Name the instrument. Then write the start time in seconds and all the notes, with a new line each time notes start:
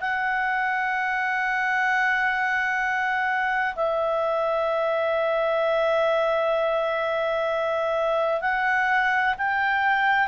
clarinet
0.00 F#5
3.75 E5
8.41 F#5
9.37 G5